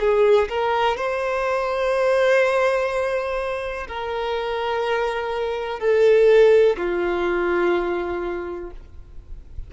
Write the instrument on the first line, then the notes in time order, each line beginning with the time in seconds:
violin
0.00 G#4
0.49 A#4
0.97 C5
3.88 A#4
5.80 A4
6.77 F4